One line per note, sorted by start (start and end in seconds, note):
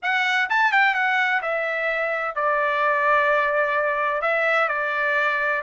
0.02 0.49 F#5
0.49 0.72 A5
0.72 0.94 G5
0.94 1.41 F#5
1.42 2.35 E5
2.35 4.21 D5
4.21 4.68 E5
4.68 5.62 D5